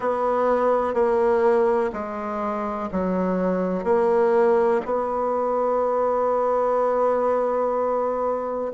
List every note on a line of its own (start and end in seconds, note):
0.00 0.94 B3
0.94 1.90 A#3
1.92 2.89 G#3
2.91 3.84 F#3
3.84 4.80 A#3
4.85 8.72 B3